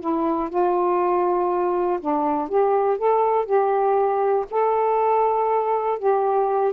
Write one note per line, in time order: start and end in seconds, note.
0.00 0.49 E4
0.49 1.99 F4
2.00 2.48 D4
2.48 2.97 G4
2.97 3.45 A4
3.45 4.45 G4
4.50 5.98 A4
5.98 6.72 G4